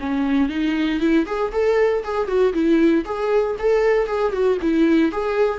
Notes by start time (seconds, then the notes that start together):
0.00 C#4
0.49 D#4
1.00 E4
1.27 G#4
1.52 A4
2.04 G#4
2.28 F#4
2.54 E4
3.05 G#4
3.59 A4
4.07 G#4
4.33 F#4
4.62 E4
5.12 G#4